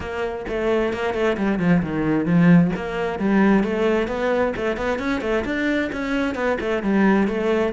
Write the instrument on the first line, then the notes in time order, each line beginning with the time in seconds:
cello
0.00 A#3
0.48 A3
0.93 A#3
1.14 A3
1.37 G3
1.59 F3
1.82 D#3
2.25 F3
2.76 A#3
3.19 G3
3.63 A3
4.07 B3
4.56 A3
4.76 B3
4.98 C#4
5.21 A3
5.44 D4
5.92 C#4
6.35 B3
6.60 A3
6.82 G3
7.27 A3